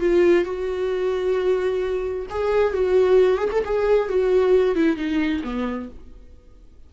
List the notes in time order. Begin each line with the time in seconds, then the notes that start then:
0.00 F4
0.44 F#4
2.30 G#4
2.74 F#4
3.37 G#4
3.52 A4
3.65 G#4
4.09 F#4
4.75 E4
4.96 D#4
5.44 B3